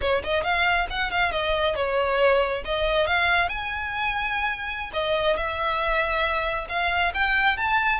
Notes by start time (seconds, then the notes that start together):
0.01 C#5
0.23 D#5
0.43 F5
0.90 F#5
1.10 F5
1.31 D#5
1.75 C#5
2.64 D#5
3.06 F5
3.48 G#5
4.93 D#5
5.36 E5
6.68 F5
7.14 G5
7.57 A5